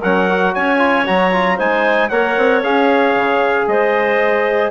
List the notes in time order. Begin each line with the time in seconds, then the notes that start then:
0.00 F#3 C#4 A#4 F#5
0.29 F#4
0.54 C#4 C#5 G#5
0.78 F4
1.05 F#3 F#4 A#5
1.32 F4
1.56 G#3 D#4 C5 G#5
2.09 A#3 A#4 C#5 F#5
2.37 C4
2.63 C#4 G#4 F5
3.15 C#3
3.67 G#3 C5 D#5